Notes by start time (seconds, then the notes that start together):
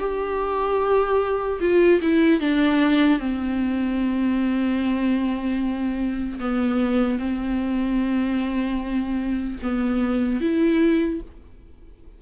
0.00 G4
1.61 F4
2.02 E4
2.41 D4
3.20 C4
6.40 B3
7.19 C4
9.63 B3
10.41 E4